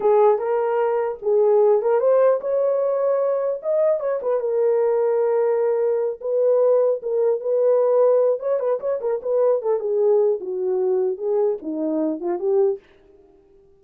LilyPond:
\new Staff \with { instrumentName = "horn" } { \time 4/4 \tempo 4 = 150 gis'4 ais'2 gis'4~ | gis'8 ais'8 c''4 cis''2~ | cis''4 dis''4 cis''8 b'8 ais'4~ | ais'2.~ ais'8 b'8~ |
b'4. ais'4 b'4.~ | b'4 cis''8 b'8 cis''8 ais'8 b'4 | a'8 gis'4. fis'2 | gis'4 dis'4. f'8 g'4 | }